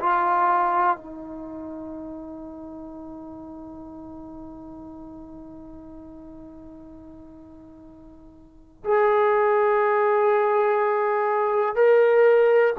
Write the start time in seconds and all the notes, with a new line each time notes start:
0.00 F4
0.97 D#4
8.85 G#4
11.76 A#4